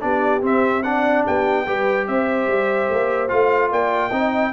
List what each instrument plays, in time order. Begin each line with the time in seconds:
0.00 tuba B3, trombone D4, horn G4, trumpet D5
0.42 trombone C4, tuba C4, trumpet E5
0.83 trombone D4, horn D5, trumpet F#5
1.25 tuba B3, horn G4, trumpet G5
1.66 tuba G3, trombone G4, horn B4
2.07 tuba C4, horn C5, trumpet E5
2.48 tuba G3
2.90 tuba A#3
3.29 tuba A3, trombone F4, trumpet F5
3.71 tuba A#3, horn D5, trumpet G5
4.10 tuba C4, trombone D#4, horn D#5